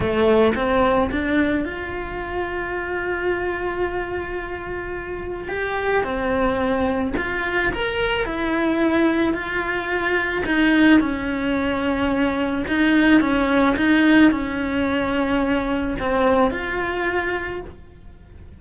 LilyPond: \new Staff \with { instrumentName = "cello" } { \time 4/4 \tempo 4 = 109 a4 c'4 d'4 f'4~ | f'1~ | f'2 g'4 c'4~ | c'4 f'4 ais'4 e'4~ |
e'4 f'2 dis'4 | cis'2. dis'4 | cis'4 dis'4 cis'2~ | cis'4 c'4 f'2 | }